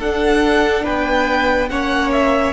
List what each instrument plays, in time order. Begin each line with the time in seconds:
0.00 cello D4, viola D4, violin A4 F#5
0.84 cello B3, violin B4 G5
1.70 cello A#3, viola C#4, violin C#5 F#5
2.12 violin E5